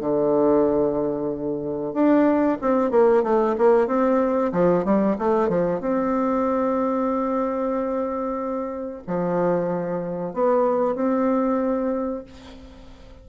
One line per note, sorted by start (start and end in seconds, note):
0.00 1.94 D3
1.94 2.58 D4
2.61 2.91 C4
2.91 3.23 A#3
3.23 3.56 A3
3.58 3.87 A#3
3.87 4.52 C4
4.53 4.85 F3
4.85 5.17 G3
5.18 5.49 A3
5.49 5.80 F3
5.80 9.03 C4
9.07 10.34 F3
10.34 10.95 B3
10.95 12.24 C4